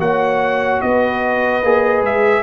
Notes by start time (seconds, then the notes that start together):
0.00 A#3 F#4 C#5 F#5
0.81 B3 B4 D#5
1.63 A#3 G#4
2.02 G#3 E5